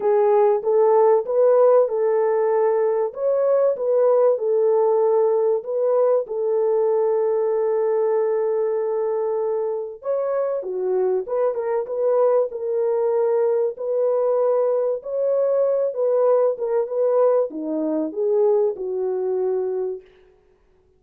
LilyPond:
\new Staff \with { instrumentName = "horn" } { \time 4/4 \tempo 4 = 96 gis'4 a'4 b'4 a'4~ | a'4 cis''4 b'4 a'4~ | a'4 b'4 a'2~ | a'1 |
cis''4 fis'4 b'8 ais'8 b'4 | ais'2 b'2 | cis''4. b'4 ais'8 b'4 | dis'4 gis'4 fis'2 | }